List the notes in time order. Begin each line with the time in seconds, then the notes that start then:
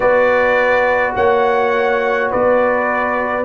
0.00 B3 F#4 B4 D5
1.15 A#3 C#5 F#5
2.31 B3 B4 D5